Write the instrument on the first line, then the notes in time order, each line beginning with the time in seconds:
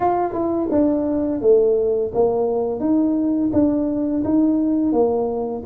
tuba
0.00 F4
0.33 E4
0.71 D4
1.41 A3
2.14 A#3
2.79 D#4
3.52 D4
4.24 D#4
4.92 A#3